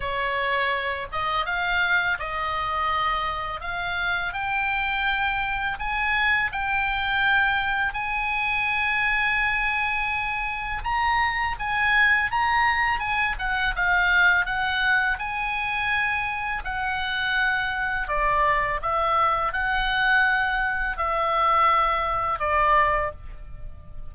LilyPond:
\new Staff \with { instrumentName = "oboe" } { \time 4/4 \tempo 4 = 83 cis''4. dis''8 f''4 dis''4~ | dis''4 f''4 g''2 | gis''4 g''2 gis''4~ | gis''2. ais''4 |
gis''4 ais''4 gis''8 fis''8 f''4 | fis''4 gis''2 fis''4~ | fis''4 d''4 e''4 fis''4~ | fis''4 e''2 d''4 | }